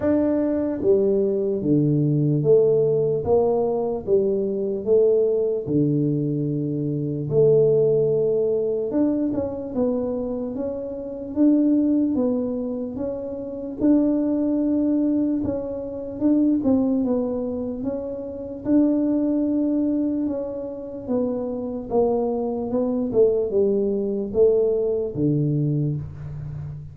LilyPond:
\new Staff \with { instrumentName = "tuba" } { \time 4/4 \tempo 4 = 74 d'4 g4 d4 a4 | ais4 g4 a4 d4~ | d4 a2 d'8 cis'8 | b4 cis'4 d'4 b4 |
cis'4 d'2 cis'4 | d'8 c'8 b4 cis'4 d'4~ | d'4 cis'4 b4 ais4 | b8 a8 g4 a4 d4 | }